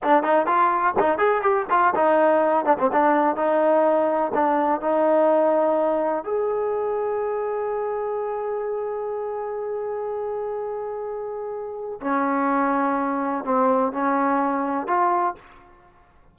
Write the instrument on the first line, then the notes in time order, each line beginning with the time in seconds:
trombone
0.03 D4
0.23 D#4
0.46 F4
0.99 D#4
1.18 G#4
1.42 G4
1.70 F4
1.95 D#4
2.65 D4
2.78 C4
2.92 D4
3.36 D#4
4.34 D4
4.80 D#4
6.24 G#4
12.00 C#4
13.44 C4
13.92 C#4
14.87 F4